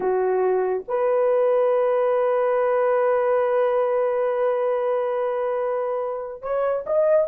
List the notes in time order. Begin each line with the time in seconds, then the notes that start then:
0.00 F#4
0.88 B4
6.41 C#5
6.86 D#5